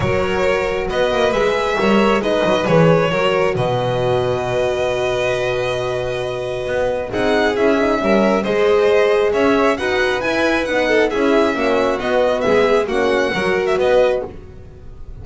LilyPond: <<
  \new Staff \with { instrumentName = "violin" } { \time 4/4 \tempo 4 = 135 cis''2 dis''4 e''4~ | e''4 dis''4 cis''2 | dis''1~ | dis''1 |
fis''4 e''2 dis''4~ | dis''4 e''4 fis''4 gis''4 | fis''4 e''2 dis''4 | e''4 fis''4.~ fis''16 e''16 dis''4 | }
  \new Staff \with { instrumentName = "violin" } { \time 4/4 ais'2 b'2 | cis''4 b'2 ais'4 | b'1~ | b'1 |
gis'2 ais'4 c''4~ | c''4 cis''4 b'2~ | b'8 a'8 gis'4 fis'2 | gis'4 fis'4 ais'4 b'4 | }
  \new Staff \with { instrumentName = "horn" } { \time 4/4 fis'2. gis'4 | ais'4 dis'4 gis'4 fis'4~ | fis'1~ | fis'1 |
dis'4 e'8 dis'8 cis'4 gis'4~ | gis'2 fis'4 e'4 | dis'4 e'4 cis'4 b4~ | b4 cis'4 fis'2 | }
  \new Staff \with { instrumentName = "double bass" } { \time 4/4 fis2 b8 ais8 gis4 | g4 gis8 fis8 e4 fis4 | b,1~ | b,2. b4 |
c'4 cis'4 g4 gis4~ | gis4 cis'4 dis'4 e'4 | b4 cis'4 ais4 b4 | gis4 ais4 fis4 b4 | }
>>